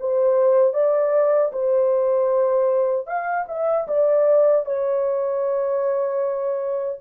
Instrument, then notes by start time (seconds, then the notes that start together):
horn
0.00 C5
0.73 D5
1.52 C5
3.06 F5
3.48 E5
3.87 D5
4.65 C#5